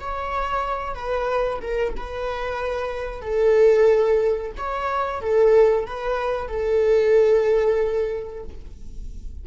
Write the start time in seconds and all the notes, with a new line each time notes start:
0.00 C#5
0.94 B4
1.61 A#4
1.96 B4
3.21 A4
4.57 C#5
5.21 A4
5.86 B4
6.48 A4